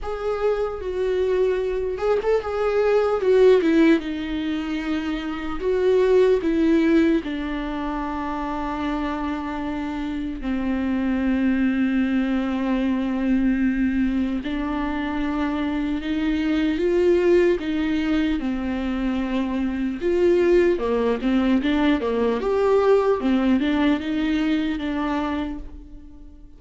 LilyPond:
\new Staff \with { instrumentName = "viola" } { \time 4/4 \tempo 4 = 75 gis'4 fis'4. gis'16 a'16 gis'4 | fis'8 e'8 dis'2 fis'4 | e'4 d'2.~ | d'4 c'2.~ |
c'2 d'2 | dis'4 f'4 dis'4 c'4~ | c'4 f'4 ais8 c'8 d'8 ais8 | g'4 c'8 d'8 dis'4 d'4 | }